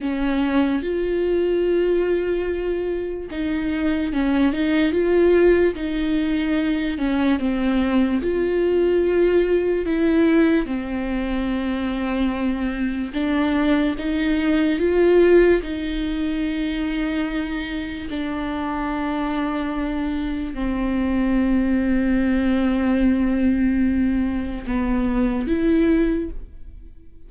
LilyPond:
\new Staff \with { instrumentName = "viola" } { \time 4/4 \tempo 4 = 73 cis'4 f'2. | dis'4 cis'8 dis'8 f'4 dis'4~ | dis'8 cis'8 c'4 f'2 | e'4 c'2. |
d'4 dis'4 f'4 dis'4~ | dis'2 d'2~ | d'4 c'2.~ | c'2 b4 e'4 | }